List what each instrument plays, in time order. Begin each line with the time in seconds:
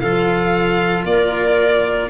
0.00 tuba F3, cello F4, clarinet A4, violin F5
1.05 tuba A#3, clarinet A#4, violin D5